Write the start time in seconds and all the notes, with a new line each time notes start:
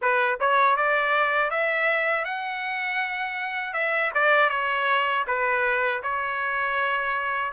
0.01 B4
0.40 C#5
0.76 D5
1.50 E5
2.24 F#5
3.73 E5
4.14 D5
4.49 C#5
5.27 B4
6.02 C#5